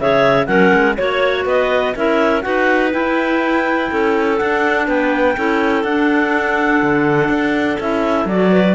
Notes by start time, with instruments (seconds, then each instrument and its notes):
0.00 cello C#3, clarinet G#4 C#5 E5
0.46 cello F#3, clarinet C#4 A#4 F#5
0.74 cello G#3
0.97 cello A#3, clarinet F#4 C#5
1.45 cello B3, clarinet B4 D#5
1.96 cello C#4, clarinet E4 A#4 E5
2.41 cello D#4, clarinet F#4 B4 F#5
2.91 clarinet E4 G5, cello E4
3.91 cello C#4, clarinet A4
4.38 clarinet D4 F#5, cello D4
4.87 cello B3, clarinet B4 G5
5.37 cello C#4, clarinet E4 A4
5.84 cello D4, clarinet D4 F#5
6.82 cello D3
7.29 cello D4
7.80 cello C#4, clarinet E4 E5
8.25 cello F#3, clarinet F#4 D5
8.52 clarinet B4